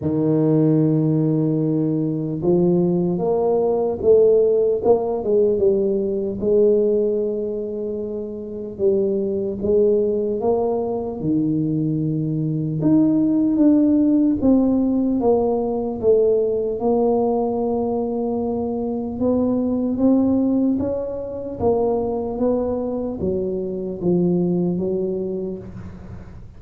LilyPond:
\new Staff \with { instrumentName = "tuba" } { \time 4/4 \tempo 4 = 75 dis2. f4 | ais4 a4 ais8 gis8 g4 | gis2. g4 | gis4 ais4 dis2 |
dis'4 d'4 c'4 ais4 | a4 ais2. | b4 c'4 cis'4 ais4 | b4 fis4 f4 fis4 | }